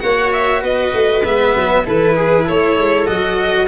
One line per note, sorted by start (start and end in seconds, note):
0.00 0.63 A#3
0.00 1.23 F#4
0.00 0.62 C#5
0.00 0.31 F#5
0.33 0.63 E5
0.62 0.93 B3
0.62 1.84 B4
0.62 1.25 D#5
0.94 1.24 A3
1.25 1.55 G#3
1.25 1.85 B3
1.25 1.86 E5
1.56 1.86 F#3
1.85 2.49 E3
1.85 3.07 E4
1.85 2.16 A4
1.85 2.49 B4
2.16 2.45 G#4
2.45 2.77 A3
2.45 3.67 A4
2.45 3.07 C#5
2.77 3.08 G#3
3.07 3.69 F#3
3.07 3.68 F#4
3.07 3.68 D#5